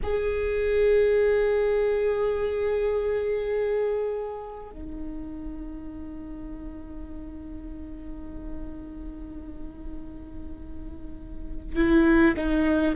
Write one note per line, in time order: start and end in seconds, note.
0.02 4.71 G#4
4.71 11.76 D#4
11.76 12.35 E4
12.36 12.95 D#4